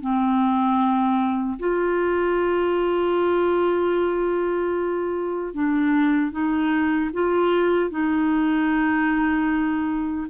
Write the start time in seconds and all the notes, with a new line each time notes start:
0.00 C4
1.59 F4
5.53 D4
6.31 D#4
7.13 F4
7.90 D#4